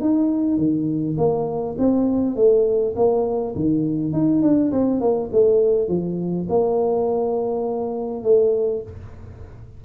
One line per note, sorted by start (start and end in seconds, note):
0.00 0.57 D#4
0.57 1.16 D#3
1.17 1.76 A#3
1.78 2.36 C4
2.36 2.94 A3
2.96 3.55 A#3
3.55 4.13 D#3
4.13 4.42 D#4
4.42 4.71 D4
4.72 5.01 C4
5.01 5.30 A#3
5.32 5.88 A3
5.88 6.47 F3
6.49 8.23 A#3
8.23 8.82 A3